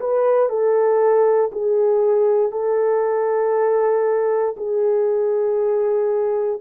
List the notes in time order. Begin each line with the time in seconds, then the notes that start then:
0.00 B4
0.49 A4
1.53 G#4
2.52 A4
4.57 G#4